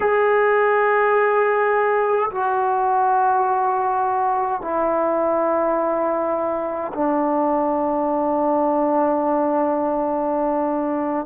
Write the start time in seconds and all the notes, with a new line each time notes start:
0.00 G#4
2.31 F#4
4.61 E4
6.93 D4